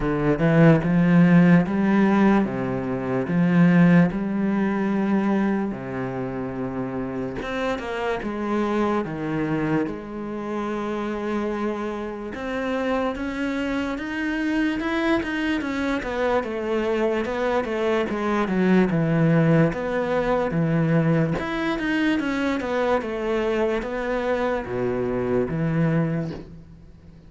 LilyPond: \new Staff \with { instrumentName = "cello" } { \time 4/4 \tempo 4 = 73 d8 e8 f4 g4 c4 | f4 g2 c4~ | c4 c'8 ais8 gis4 dis4 | gis2. c'4 |
cis'4 dis'4 e'8 dis'8 cis'8 b8 | a4 b8 a8 gis8 fis8 e4 | b4 e4 e'8 dis'8 cis'8 b8 | a4 b4 b,4 e4 | }